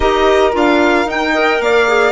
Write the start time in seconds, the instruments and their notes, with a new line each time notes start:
0.00 bassoon D#4, clarinet G4, saxophone A#4, violin D#5
0.52 bassoon D4, clarinet F4, violin F5
1.05 bassoon D#4, clarinet D#4, violin G5
1.33 clarinet A#4, saxophone D#5
1.59 bassoon A#3, saxophone D5, violin F5
1.88 clarinet G#4